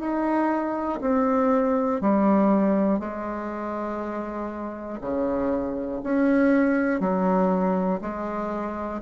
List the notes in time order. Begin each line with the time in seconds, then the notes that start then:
0.00 D#4
1.01 C4
2.02 G3
3.00 G#3
5.02 C#3
6.04 C#4
7.01 F#3
8.02 G#3